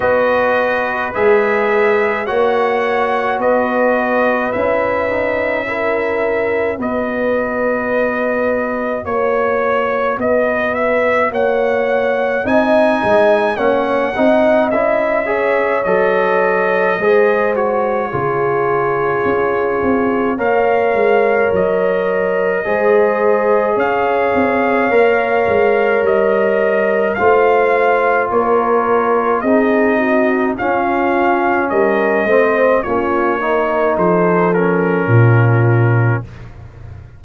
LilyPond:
<<
  \new Staff \with { instrumentName = "trumpet" } { \time 4/4 \tempo 4 = 53 dis''4 e''4 fis''4 dis''4 | e''2 dis''2 | cis''4 dis''8 e''8 fis''4 gis''4 | fis''4 e''4 dis''4. cis''8~ |
cis''2 f''4 dis''4~ | dis''4 f''2 dis''4 | f''4 cis''4 dis''4 f''4 | dis''4 cis''4 c''8 ais'4. | }
  \new Staff \with { instrumentName = "horn" } { \time 4/4 b'2 cis''4 b'4~ | b'4 ais'4 b'2 | cis''4 b'4 cis''4 dis''4 | cis''8 dis''4 cis''4. c''4 |
gis'2 cis''2 | c''4 cis''2. | c''4 ais'4 gis'8 fis'8 f'4 | ais'8 c''8 f'8 ais'8 a'4 f'4 | }
  \new Staff \with { instrumentName = "trombone" } { \time 4/4 fis'4 gis'4 fis'2 | e'8 dis'8 e'4 fis'2~ | fis'2. dis'4 | cis'8 dis'8 e'8 gis'8 a'4 gis'8 fis'8 |
f'2 ais'2 | gis'2 ais'2 | f'2 dis'4 cis'4~ | cis'8 c'8 cis'8 dis'4 cis'4. | }
  \new Staff \with { instrumentName = "tuba" } { \time 4/4 b4 gis4 ais4 b4 | cis'2 b2 | ais4 b4 ais4 c'8 gis8 | ais8 c'8 cis'4 fis4 gis4 |
cis4 cis'8 c'8 ais8 gis8 fis4 | gis4 cis'8 c'8 ais8 gis8 g4 | a4 ais4 c'4 cis'4 | g8 a8 ais4 f4 ais,4 | }
>>